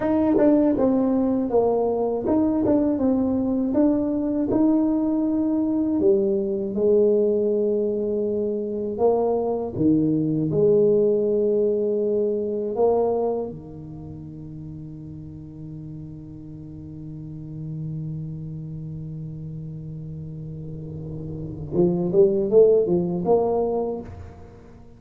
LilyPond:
\new Staff \with { instrumentName = "tuba" } { \time 4/4 \tempo 4 = 80 dis'8 d'8 c'4 ais4 dis'8 d'8 | c'4 d'4 dis'2 | g4 gis2. | ais4 dis4 gis2~ |
gis4 ais4 dis2~ | dis1~ | dis1~ | dis4 f8 g8 a8 f8 ais4 | }